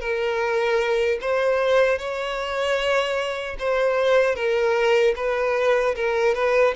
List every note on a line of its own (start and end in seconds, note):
0.00 1.18 A#4
1.21 1.98 C5
1.98 3.56 C#5
3.59 4.35 C5
4.35 5.14 A#4
5.15 5.94 B4
5.95 6.34 A#4
6.34 6.74 B4